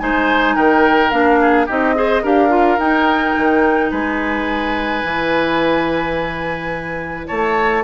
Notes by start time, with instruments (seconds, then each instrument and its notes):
0.00 bassoon G#3, clarinet D#4, oboe C5, flute G#5
0.56 bassoon D#3, oboe A#4, flute G5
1.11 bassoon A#3, clarinet D4, flute F5
1.42 oboe G#4
1.67 bassoon C4, clarinet D#4, oboe G4, flute D#5
1.96 clarinet G#4, oboe C5
2.23 bassoon D4, clarinet G4, oboe A#4, flute F5
2.50 clarinet F4
2.78 bassoon D#4, clarinet D#4, flute G5
3.37 bassoon D#3
3.91 bassoon G#3, oboe B4, flute G#5
5.04 bassoon E3, clarinet E4
7.28 bassoon A3, oboe C#5, flute A5